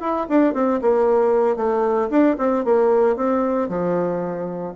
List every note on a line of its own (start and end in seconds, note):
0.00 0.26 E4
0.28 0.53 D4
0.53 0.80 C4
0.81 1.56 A#3
1.56 2.09 A3
2.10 2.36 D4
2.38 2.64 C4
2.64 3.16 A#3
3.16 3.68 C4
3.68 4.73 F3